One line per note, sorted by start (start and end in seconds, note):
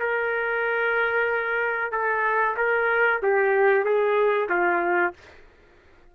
0.00 1.92 A#4
1.92 2.57 A4
2.57 3.22 A#4
3.23 3.85 G4
3.85 4.49 G#4
4.50 5.14 F4